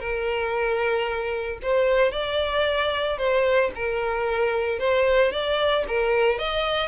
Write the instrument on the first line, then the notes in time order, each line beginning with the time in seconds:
violin
0.00 A#4
1.62 C5
2.12 D5
3.18 C5
3.75 A#4
4.79 C5
5.32 D5
5.88 A#4
6.39 D#5